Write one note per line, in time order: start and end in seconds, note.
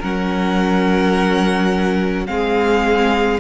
0.00 2.28 F#3
0.00 2.27 C#4
0.00 2.26 A#4
0.00 2.27 F#5
2.27 3.41 G#3
2.27 3.40 C4
2.27 3.41 G#4
2.27 3.40 F5